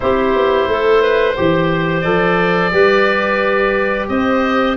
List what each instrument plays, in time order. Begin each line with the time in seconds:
0.00 tuba C4, trombone E4, clarinet G4, oboe C5
0.35 tuba B3
0.67 tuba A3, clarinet A4
1.02 clarinet B4
1.36 tuba E3, trombone G4, clarinet C5
2.01 tuba F3, trombone A4, oboe D5
2.71 tuba G3, trombone G4, clarinet B4
4.08 tuba C4, clarinet C5, oboe D#5